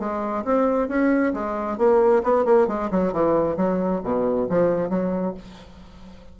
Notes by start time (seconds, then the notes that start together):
0.00 G#3
0.45 C4
0.89 C#4
1.34 G#3
1.78 A#3
2.24 B3
2.45 A#3
2.68 G#3
2.91 F#3
3.13 E3
3.57 F#3
4.04 B2
4.50 F3
4.90 F#3